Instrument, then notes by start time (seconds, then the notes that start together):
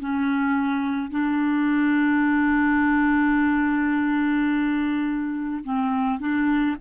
clarinet
0.00 C#4
1.12 D4
5.64 C4
6.20 D4